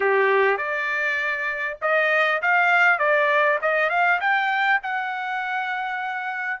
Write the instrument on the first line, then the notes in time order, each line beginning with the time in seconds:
trumpet
0.00 G4
0.57 D5
1.81 D#5
2.42 F5
2.98 D5
3.61 D#5
3.89 F5
4.20 G5
4.82 F#5